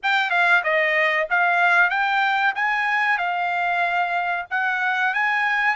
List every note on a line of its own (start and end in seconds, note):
0.02 0.30 G5
0.30 0.62 F5
0.63 1.27 D#5
1.30 1.89 F5
1.89 2.53 G5
2.55 3.18 G#5
3.18 4.45 F5
4.50 5.14 F#5
5.14 5.75 G#5